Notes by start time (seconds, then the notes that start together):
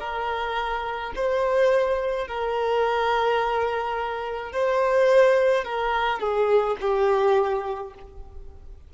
0.00 A#4
1.16 C5
2.27 A#4
4.52 C5
5.64 A#4
6.20 G#4
6.81 G4